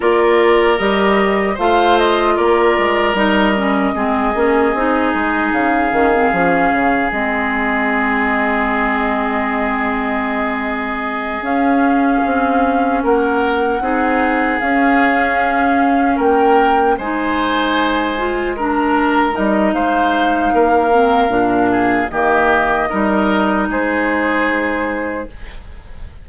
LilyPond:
<<
  \new Staff \with { instrumentName = "flute" } { \time 4/4 \tempo 4 = 76 d''4 dis''4 f''8 dis''8 d''4 | dis''2. f''4~ | f''4 dis''2.~ | dis''2~ dis''8 f''4.~ |
f''8 fis''2 f''4.~ | f''8 g''4 gis''2 ais''8~ | ais''8 dis''8 f''2. | dis''2 c''2 | }
  \new Staff \with { instrumentName = "oboe" } { \time 4/4 ais'2 c''4 ais'4~ | ais'4 gis'2.~ | gis'1~ | gis'1~ |
gis'8 ais'4 gis'2~ gis'8~ | gis'8 ais'4 c''2 ais'8~ | ais'4 c''4 ais'4. gis'8 | g'4 ais'4 gis'2 | }
  \new Staff \with { instrumentName = "clarinet" } { \time 4/4 f'4 g'4 f'2 | dis'8 cis'8 c'8 cis'8 dis'4. cis'16 c'16 | cis'4 c'2.~ | c'2~ c'8 cis'4.~ |
cis'4. dis'4 cis'4.~ | cis'4. dis'4. f'8 d'8~ | d'8 dis'2 c'8 d'4 | ais4 dis'2. | }
  \new Staff \with { instrumentName = "bassoon" } { \time 4/4 ais4 g4 a4 ais8 gis8 | g4 gis8 ais8 c'8 gis8 cis8 dis8 | f8 cis8 gis2.~ | gis2~ gis8 cis'4 c'8~ |
c'8 ais4 c'4 cis'4.~ | cis'8 ais4 gis2~ gis8~ | gis8 g8 gis4 ais4 ais,4 | dis4 g4 gis2 | }
>>